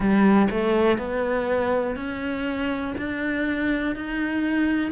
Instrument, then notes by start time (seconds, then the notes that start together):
cello
0.00 G3
0.50 A3
0.97 B3
1.96 C#4
2.97 D4
3.95 D#4